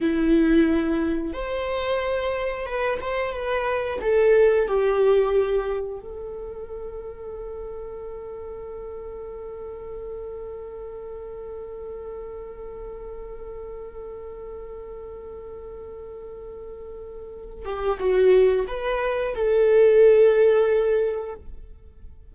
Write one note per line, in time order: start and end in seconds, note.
0.00 1.33 E4
1.33 2.66 C5
2.66 2.99 B4
3.01 3.32 C5
3.32 3.99 B4
4.01 4.67 A4
4.67 6.00 G4
6.00 17.65 A4
17.65 17.98 G4
17.99 18.66 F#4
18.67 19.34 B4
19.35 21.35 A4